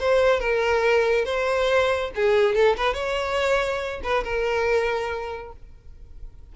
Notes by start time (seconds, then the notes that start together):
0.00 C5
0.40 A#4
1.25 C5
2.16 G#4
2.55 A4
2.77 B4
2.94 C#5
4.04 B4
4.24 A#4